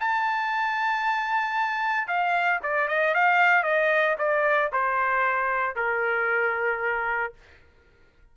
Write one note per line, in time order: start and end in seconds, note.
0.00 2.07 A5
2.07 2.60 F5
2.62 2.88 D5
2.88 3.14 D#5
3.14 3.63 F5
3.63 4.16 D#5
4.18 4.71 D5
4.72 5.76 C5
5.76 7.33 A#4